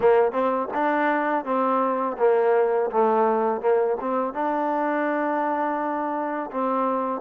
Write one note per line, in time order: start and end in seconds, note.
0.00 0.32 A#3
0.32 0.68 C4
0.74 1.44 D4
1.44 2.17 C4
2.18 2.90 A#3
2.90 3.61 A3
3.61 3.97 A#3
4.00 4.33 C4
4.33 6.50 D4
6.51 7.21 C4